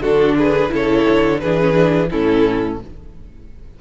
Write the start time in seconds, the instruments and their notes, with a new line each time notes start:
0.00 cello D3, viola D4, violin F#4 A4
0.37 violin G#4 B4
0.68 cello C#3, viola E4, violin A4
0.75 violin C#5
1.09 cello D3
1.39 cello E3, viola D4, violin G#4 B4
1.60 viola C#4
1.73 viola D4
2.10 cello A2, viola C#4, violin E4 A4